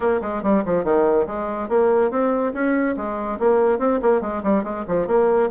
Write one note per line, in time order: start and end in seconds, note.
0.00 0.21 A#3
0.21 0.42 G#3
0.42 0.63 G3
0.65 0.84 F3
0.84 1.26 D#3
1.27 1.68 G#3
1.68 2.10 A#3
2.10 2.53 C4
2.53 2.95 C#4
2.96 3.39 G#3
3.39 3.78 A#3
3.78 3.99 C4
4.01 4.21 A#3
4.21 4.42 G#3
4.43 4.63 G3
4.63 4.85 G#3
4.87 5.07 F3
5.07 5.49 A#3